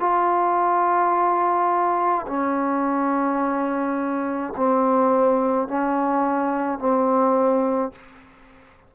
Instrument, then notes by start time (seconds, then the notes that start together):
trombone
0.00 F4
2.27 C#4
4.57 C4
5.68 C#4
6.79 C4